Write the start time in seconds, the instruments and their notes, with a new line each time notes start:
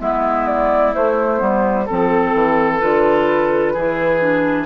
0.00 bassoon G#3, clarinet B3, oboe E4, flute E5
0.47 flute D5
0.93 clarinet A3, bassoon A3, flute C5
1.38 bassoon G3, clarinet B3
1.86 bassoon F3, clarinet C4, oboe A4, flute A4
2.34 bassoon E3
2.80 bassoon D3, clarinet F4, flute B4
3.74 bassoon E3, clarinet E4, oboe G#4
4.21 clarinet D4